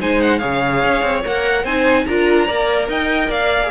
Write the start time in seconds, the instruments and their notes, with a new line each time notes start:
0.00 cello G#3, viola D#4, violin C5 G#5
0.21 violin F#5
0.38 cello C#3, viola G#4, violin C#5 F5
0.84 cello C#4
1.02 cello C4
1.25 cello A#3, viola A#4, violin F#5
1.64 cello C4, viola D#4, violin C5 G#5
2.06 cello D4, viola F4, violin A#4 A#5
2.46 cello A#3, viola A#4, violin D5
2.88 cello D#4, violin D#5 G5
3.29 cello A#3, violin D5 F5
3.63 viola G#4